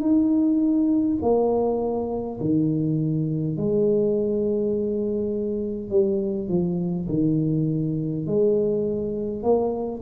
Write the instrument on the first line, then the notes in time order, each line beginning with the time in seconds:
tuba
0.00 D#4
1.21 A#3
2.40 D#3
3.57 G#3
5.90 G3
6.49 F3
7.09 D#3
8.26 G#3
9.43 A#3